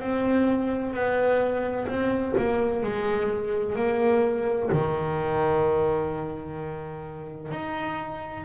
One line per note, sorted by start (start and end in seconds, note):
0.00 0.94 C4
0.94 1.87 B3
1.88 2.35 C4
2.37 2.83 A#3
2.83 3.76 G#3
3.76 4.70 A#3
4.72 7.51 D#3
7.51 8.45 D#4